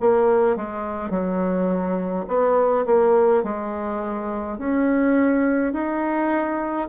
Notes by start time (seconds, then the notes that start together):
0.00 A#3
0.56 G#3
1.10 F#3
2.28 B3
2.85 A#3
3.43 G#3
4.58 C#4
5.73 D#4